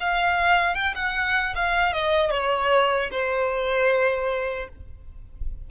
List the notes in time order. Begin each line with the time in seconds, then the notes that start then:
0.00 F5
0.75 G5
0.95 F#5
1.55 F5
1.93 D#5
2.31 C#5
3.11 C5